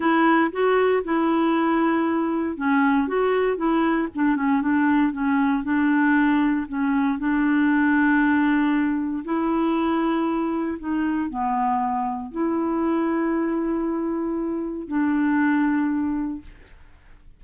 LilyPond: \new Staff \with { instrumentName = "clarinet" } { \time 4/4 \tempo 4 = 117 e'4 fis'4 e'2~ | e'4 cis'4 fis'4 e'4 | d'8 cis'8 d'4 cis'4 d'4~ | d'4 cis'4 d'2~ |
d'2 e'2~ | e'4 dis'4 b2 | e'1~ | e'4 d'2. | }